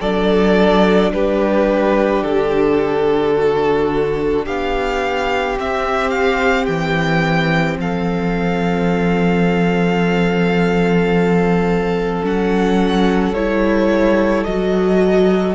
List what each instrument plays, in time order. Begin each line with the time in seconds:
0.00 cello F#3, viola D4, violin A4 D5
1.12 cello G3, violin G4 B4
2.23 cello D3, violin A4
3.35 violin F#4
4.45 cello B3, violin G4 F5
5.57 viola C4, cello C4, violin E5
6.10 violin F5
6.66 cello E3, violin G5
7.77 cello F3, violin A4 F5
12.23 cello F#3, viola C#4, violin F#5
13.33 cello G3, viola E4, violin C#5
14.44 cello F#3, viola F#4, violin D#5